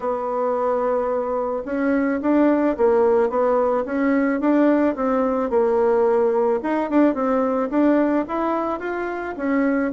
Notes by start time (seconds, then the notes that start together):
0.00 B3
1.65 C#4
2.21 D4
2.77 A#3
3.29 B3
3.85 C#4
4.40 D4
4.95 C4
5.49 A#3
6.63 D#4
6.90 D4
7.14 C4
7.70 D4
8.28 E4
8.79 F4
9.37 C#4